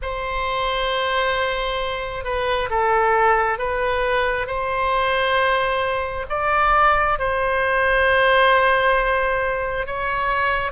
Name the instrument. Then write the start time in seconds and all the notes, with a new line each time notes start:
oboe
0.02 C5
2.24 B4
2.69 A4
3.58 B4
4.47 C5
6.29 D5
7.18 C5
9.86 C#5